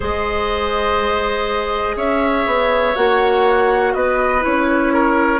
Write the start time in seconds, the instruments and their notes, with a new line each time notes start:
0.00 bassoon G#3, clarinet G#4, oboe C5, flute D#5
1.96 bassoon C#4, oboe C#5, flute E5
2.46 bassoon B3
2.95 bassoon A#3, clarinet F#4, flute F#5
3.93 bassoon B3, oboe B4, flute D#5
4.40 bassoon C#4, clarinet E4, flute C#5
4.93 oboe A#4